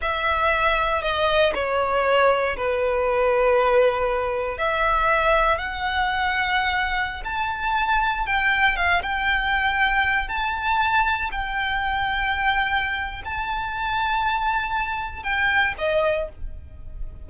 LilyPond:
\new Staff \with { instrumentName = "violin" } { \time 4/4 \tempo 4 = 118 e''2 dis''4 cis''4~ | cis''4 b'2.~ | b'4 e''2 fis''4~ | fis''2~ fis''16 a''4.~ a''16~ |
a''16 g''4 f''8 g''2~ g''16~ | g''16 a''2 g''4.~ g''16~ | g''2 a''2~ | a''2 g''4 dis''4 | }